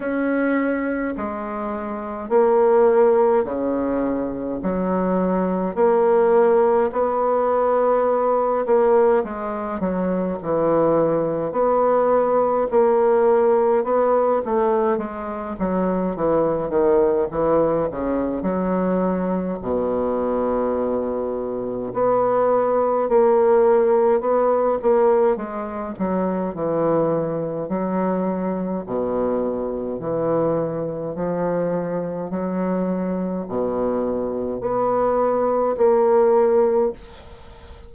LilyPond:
\new Staff \with { instrumentName = "bassoon" } { \time 4/4 \tempo 4 = 52 cis'4 gis4 ais4 cis4 | fis4 ais4 b4. ais8 | gis8 fis8 e4 b4 ais4 | b8 a8 gis8 fis8 e8 dis8 e8 cis8 |
fis4 b,2 b4 | ais4 b8 ais8 gis8 fis8 e4 | fis4 b,4 e4 f4 | fis4 b,4 b4 ais4 | }